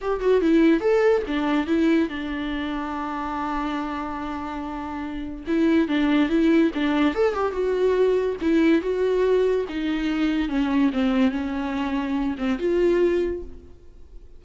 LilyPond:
\new Staff \with { instrumentName = "viola" } { \time 4/4 \tempo 4 = 143 g'8 fis'8 e'4 a'4 d'4 | e'4 d'2.~ | d'1~ | d'4 e'4 d'4 e'4 |
d'4 a'8 g'8 fis'2 | e'4 fis'2 dis'4~ | dis'4 cis'4 c'4 cis'4~ | cis'4. c'8 f'2 | }